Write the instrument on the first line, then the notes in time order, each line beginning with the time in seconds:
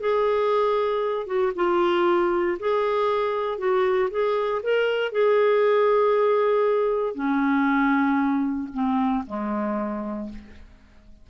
clarinet
0.00 G#4
1.26 F#4
1.55 F4
2.59 G#4
3.58 F#4
4.10 G#4
4.62 A#4
5.12 G#4
7.14 C#4
8.73 C4
9.26 G#3